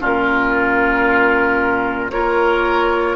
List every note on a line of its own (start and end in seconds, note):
0.00 2.13 A#2
0.00 2.11 C#4
0.00 2.11 F4
0.00 2.11 A#4
2.11 3.16 A#3
2.11 3.16 F4
2.11 3.16 A#4
2.11 3.16 C#5